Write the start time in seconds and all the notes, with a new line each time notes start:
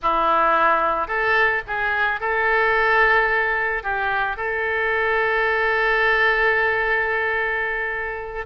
0.02 E4
1.07 A4
1.67 G#4
2.20 A4
3.83 G4
4.36 A4